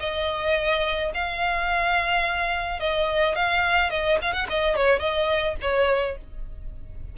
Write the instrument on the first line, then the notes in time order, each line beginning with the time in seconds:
violin
0.00 D#5
1.14 F5
2.80 D#5
3.36 F5
3.90 D#5
4.22 F5
4.33 F#5
4.50 D#5
4.76 C#5
5.00 D#5
5.62 C#5